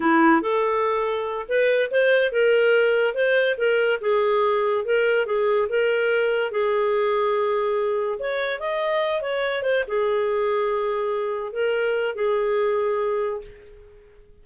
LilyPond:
\new Staff \with { instrumentName = "clarinet" } { \time 4/4 \tempo 4 = 143 e'4 a'2~ a'8 b'8~ | b'8 c''4 ais'2 c''8~ | c''8 ais'4 gis'2 ais'8~ | ais'8 gis'4 ais'2 gis'8~ |
gis'2.~ gis'8 cis''8~ | cis''8 dis''4. cis''4 c''8 gis'8~ | gis'2.~ gis'8 ais'8~ | ais'4 gis'2. | }